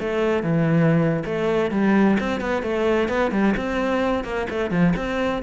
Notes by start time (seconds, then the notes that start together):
0.00 A3
0.43 E3
1.25 A3
1.71 G3
2.20 C4
2.41 B3
2.63 A3
3.09 B3
3.31 G3
3.57 C4
4.24 A#3
4.50 A3
4.71 F3
4.96 C4